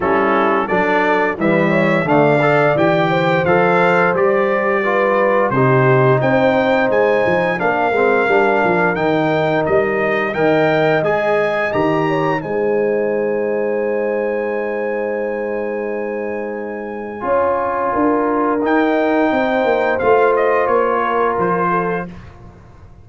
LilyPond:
<<
  \new Staff \with { instrumentName = "trumpet" } { \time 4/4 \tempo 4 = 87 a'4 d''4 e''4 f''4 | g''4 f''4 d''2 | c''4 g''4 gis''4 f''4~ | f''4 g''4 dis''4 g''4 |
gis''4 ais''4 gis''2~ | gis''1~ | gis''2. g''4~ | g''4 f''8 dis''8 cis''4 c''4 | }
  \new Staff \with { instrumentName = "horn" } { \time 4/4 e'4 a'4 b'8 cis''8 d''4~ | d''8 c''2~ c''8 b'4 | g'4 c''2 ais'4~ | ais'2. dis''4~ |
dis''4. cis''8 c''2~ | c''1~ | c''4 cis''4 ais'2 | c''2~ c''8 ais'4 a'8 | }
  \new Staff \with { instrumentName = "trombone" } { \time 4/4 cis'4 d'4 g4 a8 a'8 | g'4 a'4 g'4 f'4 | dis'2. d'8 c'8 | d'4 dis'2 ais'4 |
gis'4 g'4 dis'2~ | dis'1~ | dis'4 f'2 dis'4~ | dis'4 f'2. | }
  \new Staff \with { instrumentName = "tuba" } { \time 4/4 g4 fis4 e4 d4 | e4 f4 g2 | c4 c'4 gis8 f8 ais8 gis8 | g8 f8 dis4 g4 dis4 |
gis4 dis4 gis2~ | gis1~ | gis4 cis'4 d'4 dis'4 | c'8 ais8 a4 ais4 f4 | }
>>